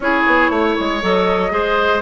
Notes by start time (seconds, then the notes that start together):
0.00 C#4 E4 G#4 C#5
0.26 B3
0.49 A3 C#5
0.79 G#3
1.02 F#3 A4 D#5
1.49 G#3 G#4 C5